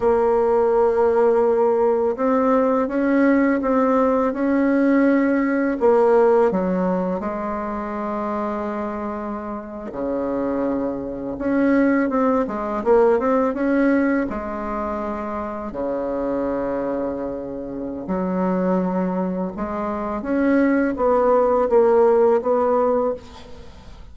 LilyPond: \new Staff \with { instrumentName = "bassoon" } { \time 4/4 \tempo 4 = 83 ais2. c'4 | cis'4 c'4 cis'2 | ais4 fis4 gis2~ | gis4.~ gis16 cis2 cis'16~ |
cis'8. c'8 gis8 ais8 c'8 cis'4 gis16~ | gis4.~ gis16 cis2~ cis16~ | cis4 fis2 gis4 | cis'4 b4 ais4 b4 | }